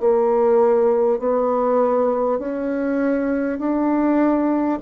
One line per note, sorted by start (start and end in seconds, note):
0.00 1.19 A#3
1.19 2.39 B3
2.39 3.59 C#4
3.59 4.79 D4